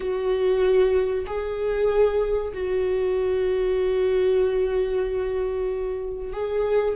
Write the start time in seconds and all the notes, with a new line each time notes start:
0.00 F#4
1.26 G#4
2.53 F#4
6.32 G#4